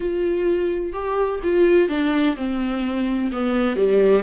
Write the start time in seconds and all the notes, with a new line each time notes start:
0.00 F4
0.92 G4
1.43 F4
1.88 D4
2.36 C4
3.32 B3
3.76 G3